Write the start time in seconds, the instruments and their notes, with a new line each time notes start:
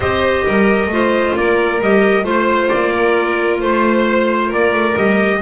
0.00 double bass C4, clarinet G4, violin C5, trumpet D#5
0.45 double bass G3, violin A#4
0.86 double bass A3, clarinet F4
0.92 violin C5
1.35 double bass A#3, violin A#4, trumpet D5
1.80 double bass G3, clarinet G4, trumpet D#5
2.23 double bass A3, clarinet F4, violin C5
2.29 trumpet C5
2.68 double bass A#3, trumpet D5
2.94 violin A#4
3.60 double bass A3, violin C5, trumpet C5
4.47 double bass A#3, violin A#4, trumpet D5
4.72 double bass A3
4.95 double bass G3, clarinet G4, trumpet D#5